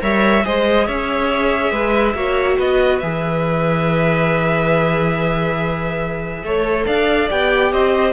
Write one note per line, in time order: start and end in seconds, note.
0.00 0.45 G3
0.00 0.43 A#4
0.00 0.45 C#5
0.00 0.46 E5
0.45 0.88 G#3
0.45 2.16 G#4
0.45 0.87 C5
0.45 0.87 D#5
0.87 1.71 C#4
0.87 1.72 C#5
0.87 2.59 E5
1.71 2.14 G#3
1.71 2.15 B4
2.14 2.57 A#3
2.14 3.02 F#4
2.14 2.58 C#5
2.58 3.02 B3
2.58 6.43 B4
2.58 2.99 D#5
2.99 6.43 E3
2.99 6.46 G#4
2.99 6.85 E5
6.43 6.86 A3
6.43 7.30 A4
6.43 6.87 C#5
6.87 7.30 D4
6.87 7.72 D5
6.87 7.29 F5
7.30 7.73 B3
7.30 8.13 G4
7.30 7.73 G5
7.72 8.13 C4
7.72 8.13 C5
7.72 8.13 D#5